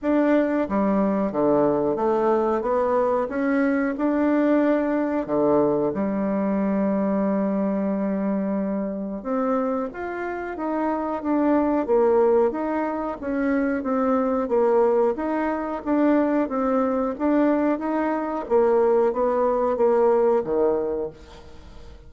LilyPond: \new Staff \with { instrumentName = "bassoon" } { \time 4/4 \tempo 4 = 91 d'4 g4 d4 a4 | b4 cis'4 d'2 | d4 g2.~ | g2 c'4 f'4 |
dis'4 d'4 ais4 dis'4 | cis'4 c'4 ais4 dis'4 | d'4 c'4 d'4 dis'4 | ais4 b4 ais4 dis4 | }